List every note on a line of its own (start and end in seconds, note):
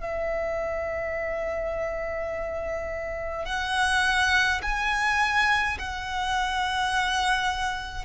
0.00 3.45 E5
3.45 4.60 F#5
4.62 5.77 G#5
5.78 8.05 F#5